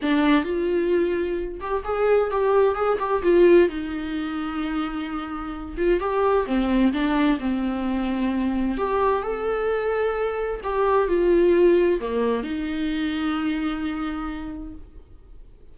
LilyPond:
\new Staff \with { instrumentName = "viola" } { \time 4/4 \tempo 4 = 130 d'4 f'2~ f'8 g'8 | gis'4 g'4 gis'8 g'8 f'4 | dis'1~ | dis'8 f'8 g'4 c'4 d'4 |
c'2. g'4 | a'2. g'4 | f'2 ais4 dis'4~ | dis'1 | }